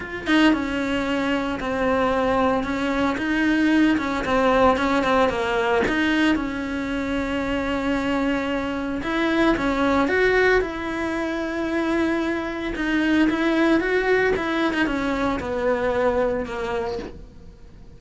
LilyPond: \new Staff \with { instrumentName = "cello" } { \time 4/4 \tempo 4 = 113 f'8 dis'8 cis'2 c'4~ | c'4 cis'4 dis'4. cis'8 | c'4 cis'8 c'8 ais4 dis'4 | cis'1~ |
cis'4 e'4 cis'4 fis'4 | e'1 | dis'4 e'4 fis'4 e'8. dis'16 | cis'4 b2 ais4 | }